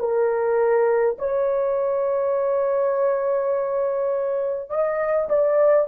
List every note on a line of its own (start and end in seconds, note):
0.00 1.18 A#4
1.19 4.71 C#5
4.71 5.29 D#5
5.29 5.88 D5